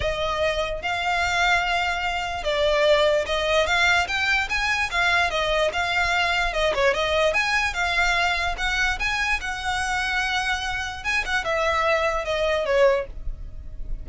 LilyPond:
\new Staff \with { instrumentName = "violin" } { \time 4/4 \tempo 4 = 147 dis''2 f''2~ | f''2 d''2 | dis''4 f''4 g''4 gis''4 | f''4 dis''4 f''2 |
dis''8 cis''8 dis''4 gis''4 f''4~ | f''4 fis''4 gis''4 fis''4~ | fis''2. gis''8 fis''8 | e''2 dis''4 cis''4 | }